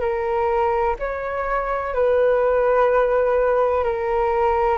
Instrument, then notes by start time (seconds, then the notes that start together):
flute
0.00 A#4
0.99 C#5
1.94 B4
3.84 A#4